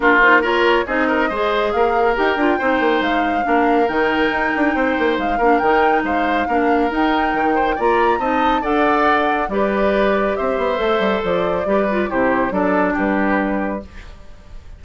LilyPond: <<
  \new Staff \with { instrumentName = "flute" } { \time 4/4 \tempo 4 = 139 ais'8 c''8 cis''4 dis''2 | f''4 g''2 f''4~ | f''4 g''2. | f''4 g''4 f''2 |
g''2 ais''4 a''4 | fis''2 d''2 | e''2 d''2 | c''4 d''4 b'2 | }
  \new Staff \with { instrumentName = "oboe" } { \time 4/4 f'4 ais'4 gis'8 ais'8 c''4 | ais'2 c''2 | ais'2. c''4~ | c''8 ais'4. c''4 ais'4~ |
ais'4. c''8 d''4 dis''4 | d''2 b'2 | c''2. b'4 | g'4 a'4 g'2 | }
  \new Staff \with { instrumentName = "clarinet" } { \time 4/4 d'8 dis'8 f'4 dis'4 gis'4~ | gis'4 g'8 f'8 dis'2 | d'4 dis'2.~ | dis'8 d'8 dis'2 d'4 |
dis'2 f'4 dis'4 | a'2 g'2~ | g'4 a'2 g'8 f'8 | e'4 d'2. | }
  \new Staff \with { instrumentName = "bassoon" } { \time 4/4 ais2 c'4 gis4 | ais4 dis'8 d'8 c'8 ais8 gis4 | ais4 dis4 dis'8 d'8 c'8 ais8 | gis8 ais8 dis4 gis4 ais4 |
dis'4 dis4 ais4 c'4 | d'2 g2 | c'8 b8 a8 g8 f4 g4 | c4 fis4 g2 | }
>>